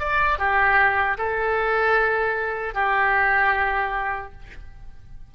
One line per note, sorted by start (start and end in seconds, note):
0.00 0.39 D5
0.39 1.18 G4
1.18 2.75 A4
2.75 4.32 G4